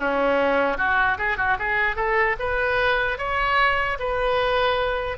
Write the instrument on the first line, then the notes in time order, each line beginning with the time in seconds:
oboe
0.00 C#4
0.78 F#4
1.19 G#4
1.37 F#4
1.59 G#4
1.97 A4
2.40 B4
3.19 C#5
4.00 B4